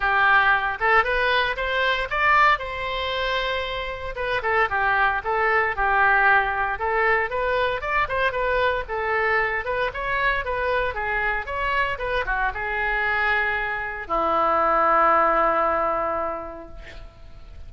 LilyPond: \new Staff \with { instrumentName = "oboe" } { \time 4/4 \tempo 4 = 115 g'4. a'8 b'4 c''4 | d''4 c''2. | b'8 a'8 g'4 a'4 g'4~ | g'4 a'4 b'4 d''8 c''8 |
b'4 a'4. b'8 cis''4 | b'4 gis'4 cis''4 b'8 fis'8 | gis'2. e'4~ | e'1 | }